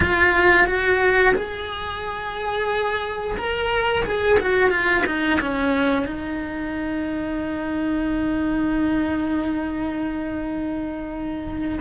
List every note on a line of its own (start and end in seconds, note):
0.00 0.66 F4
0.66 1.34 F#4
1.34 3.36 G#4
3.37 4.04 A#4
4.04 4.38 G#4
4.39 4.69 F#4
4.69 5.03 F4
5.06 5.39 D#4
5.40 6.06 C#4
6.06 11.79 D#4